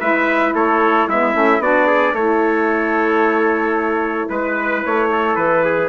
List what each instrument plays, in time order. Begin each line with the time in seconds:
0.00 bassoon G#3, saxophone E4, trumpet B4 E5
0.54 bassoon A3, trumpet A4 C#5
1.09 bassoon G#3, saxophone B3, trumpet E4 E5
1.34 bassoon A3, saxophone C#4
1.59 bassoon B3, saxophone D4, trumpet F#4 D5
1.87 trumpet G#4
2.14 bassoon A3, saxophone E4, trumpet A4 C#5
4.29 bassoon G#3, trumpet B4
4.85 bassoon A3, trumpet C#5
5.12 trumpet A4
5.36 bassoon E3, trumpet B4
5.65 trumpet G#4